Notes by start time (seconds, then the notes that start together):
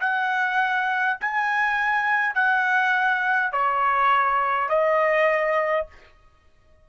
0.00 F#5
1.20 G#5
2.34 F#5
3.52 C#5
4.68 D#5